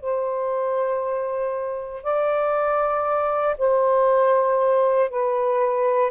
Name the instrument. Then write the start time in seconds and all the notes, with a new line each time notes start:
saxophone
0.00 C5
2.03 D5
3.58 C5
5.10 B4